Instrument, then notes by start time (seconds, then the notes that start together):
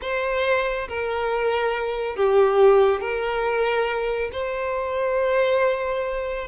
violin
0.01 C5
0.88 A#4
2.16 G4
3.01 A#4
4.32 C5